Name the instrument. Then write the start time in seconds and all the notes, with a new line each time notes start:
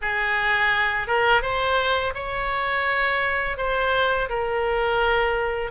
oboe
0.01 G#4
1.07 A#4
1.42 C5
2.14 C#5
3.57 C5
4.29 A#4